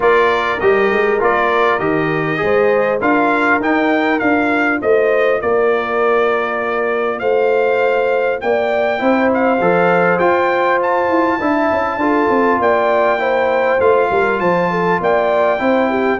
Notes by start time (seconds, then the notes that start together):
0.00 A#3 F4 A#4 D5
0.59 G3 G4 D#5
0.90 G#3
1.19 A#3 F4 D5
1.78 D#3 G4 D#5
2.37 G#3 G#4 C5
3.00 D4 F4 A#4 F5
3.60 D#4 G5
4.18 D4 F4 F5
4.81 A3 C5 D#5
5.41 A#3 A#4 D5
7.19 A3 C5 F5
8.40 A#3 D5 G5
8.98 C4 E4 C5
9.34 F5
9.60 F3 A4
10.18 F4 G5
10.82 A5
11.09 E4
11.39 D4 E4 E5
11.71 C#4
11.96 D4 F4 A4
12.29 C4
12.59 A#3 D5 G5
13.19 E4 C5
13.79 A3 F4 F5
14.10 G3 A#4
14.39 F3 C5 A5
14.71 A4
15.00 A#3 D5 G5
15.58 C4 E4 C5
15.89 G4